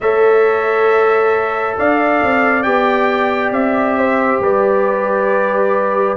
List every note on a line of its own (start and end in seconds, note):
0.00 1.77 A3
0.00 2.63 A4
0.00 1.77 C#5
0.00 1.77 E5
1.77 2.22 D4
1.77 3.98 D5
1.77 2.62 F5
2.22 2.65 C4
2.62 3.51 B3
2.62 6.16 G4
2.62 3.51 G5
3.51 4.39 C4
3.51 4.41 E5
3.98 4.42 C5
4.39 6.16 G3
4.39 6.17 B4
4.39 6.17 D5